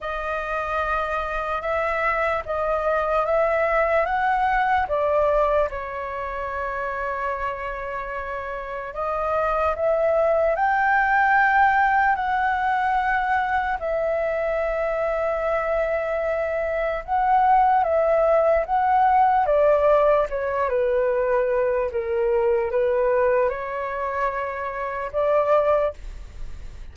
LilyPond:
\new Staff \with { instrumentName = "flute" } { \time 4/4 \tempo 4 = 74 dis''2 e''4 dis''4 | e''4 fis''4 d''4 cis''4~ | cis''2. dis''4 | e''4 g''2 fis''4~ |
fis''4 e''2.~ | e''4 fis''4 e''4 fis''4 | d''4 cis''8 b'4. ais'4 | b'4 cis''2 d''4 | }